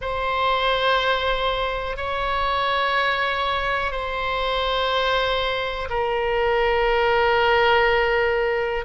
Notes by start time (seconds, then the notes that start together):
0.00 C5
1.97 C#5
3.91 C5
5.89 A#4